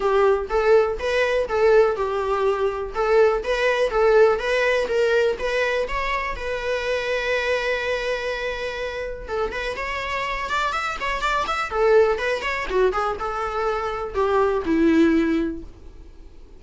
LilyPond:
\new Staff \with { instrumentName = "viola" } { \time 4/4 \tempo 4 = 123 g'4 a'4 b'4 a'4 | g'2 a'4 b'4 | a'4 b'4 ais'4 b'4 | cis''4 b'2.~ |
b'2. a'8 b'8 | cis''4. d''8 e''8 cis''8 d''8 e''8 | a'4 b'8 cis''8 fis'8 gis'8 a'4~ | a'4 g'4 e'2 | }